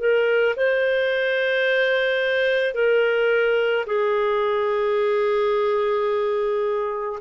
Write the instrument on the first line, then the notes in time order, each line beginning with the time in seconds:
clarinet
0.00 A#4
0.57 C5
2.75 A#4
3.87 G#4